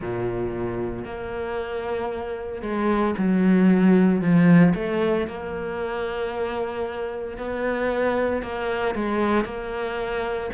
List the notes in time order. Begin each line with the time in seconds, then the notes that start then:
0.00 A#2
1.04 A#3
2.62 G#3
3.18 F#3
4.21 F3
4.74 A3
5.27 A#3
7.37 B3
8.42 A#3
8.95 G#3
9.44 A#3